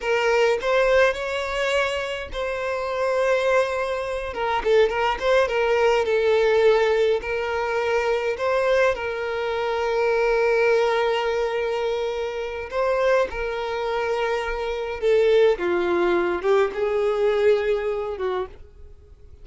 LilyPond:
\new Staff \with { instrumentName = "violin" } { \time 4/4 \tempo 4 = 104 ais'4 c''4 cis''2 | c''2.~ c''8 ais'8 | a'8 ais'8 c''8 ais'4 a'4.~ | a'8 ais'2 c''4 ais'8~ |
ais'1~ | ais'2 c''4 ais'4~ | ais'2 a'4 f'4~ | f'8 g'8 gis'2~ gis'8 fis'8 | }